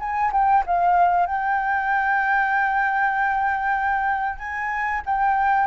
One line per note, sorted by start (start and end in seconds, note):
0.00 0.32 G#5
0.32 0.64 G5
0.66 1.27 F5
1.27 4.39 G5
4.39 5.02 G#5
5.06 5.67 G5